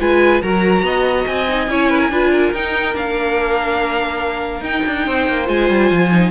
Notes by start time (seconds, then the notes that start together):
0.00 G#3 F4 B4 G#5
0.42 F#3 F#4 A#4 A#5
0.83 B3 D#5
1.27 C4 G#5
1.48 D#4
1.68 C#4 E4 C#5
1.90 B4
2.00 A#4
2.10 D4 F4 B4
2.31 A#4
2.53 D#4 G5
2.94 A#3 D4 F5
4.61 D#4 G5
4.87 D4
5.06 C4 C5
5.29 A#3
5.46 G#3 F4 G#5
5.70 G3
5.91 F3
6.13 D#4